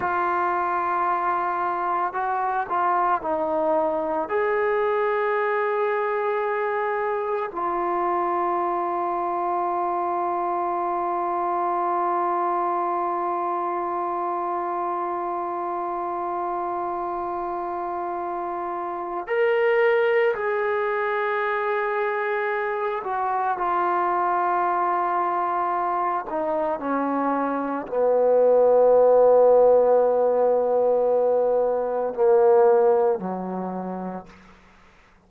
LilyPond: \new Staff \with { instrumentName = "trombone" } { \time 4/4 \tempo 4 = 56 f'2 fis'8 f'8 dis'4 | gis'2. f'4~ | f'1~ | f'1~ |
f'2 ais'4 gis'4~ | gis'4. fis'8 f'2~ | f'8 dis'8 cis'4 b2~ | b2 ais4 fis4 | }